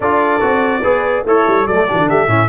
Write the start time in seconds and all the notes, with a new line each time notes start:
0.00 D4 F4 A4 D5
0.40 C4 F#4
0.81 B3 G#4 B4
1.24 A3 E4 A4 C#5
1.47 G3
1.66 F#3 A3 A4 D5
1.88 E3 D4 F#4 G4
1.98 D3
2.09 A3 G4 E5
2.27 A2 C#4 E4